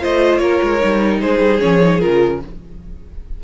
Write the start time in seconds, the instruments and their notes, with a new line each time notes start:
0.00 cello A3, viola F4, violin C5 D#5
0.37 cello A#3, violin A#4 C#5
0.62 cello G#3
0.79 cello G3, viola D#4
1.20 cello G#3, violin G#4 C5
1.39 cello G3
1.59 cello F3, viola C#4, violin C#5
1.81 viola D#4
2.00 cello C#3, viola F4, violin A#4